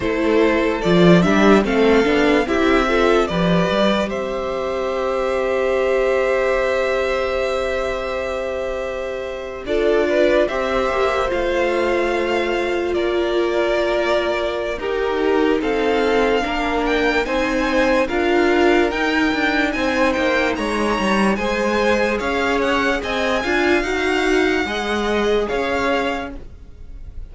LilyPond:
<<
  \new Staff \with { instrumentName = "violin" } { \time 4/4 \tempo 4 = 73 c''4 d''8 e''8 f''4 e''4 | d''4 e''2.~ | e''2.~ e''8. d''16~ | d''8. e''4 f''2 d''16~ |
d''2 ais'4 f''4~ | f''8 g''8 gis''4 f''4 g''4 | gis''8 g''8 ais''4 gis''4 f''8 fis''8 | gis''4 fis''2 f''4 | }
  \new Staff \with { instrumentName = "violin" } { \time 4/4 a'4. g'8 a'4 g'8 a'8 | b'4 c''2.~ | c''2.~ c''8. a'16~ | a'16 b'8 c''2. ais'16~ |
ais'2 g'4 a'4 | ais'4 c''4 ais'2 | c''4 cis''4 c''4 cis''4 | dis''8 f''4. dis''4 cis''4 | }
  \new Staff \with { instrumentName = "viola" } { \time 4/4 e'4 f'8 d'8 c'8 d'8 e'8 f'8 | g'1~ | g'2.~ g'8. f'16~ | f'8. g'4 f'2~ f'16~ |
f'2 dis'2 | d'4 dis'4 f'4 dis'4~ | dis'2 gis'2~ | gis'8 f'8 fis'4 gis'2 | }
  \new Staff \with { instrumentName = "cello" } { \time 4/4 a4 f8 g8 a8 b8 c'4 | f8 g8 c'2.~ | c'2.~ c'8. d'16~ | d'8. c'8 ais8 a2 ais16~ |
ais2 dis'4 c'4 | ais4 c'4 d'4 dis'8 d'8 | c'8 ais8 gis8 g8 gis4 cis'4 | c'8 d'8 dis'4 gis4 cis'4 | }
>>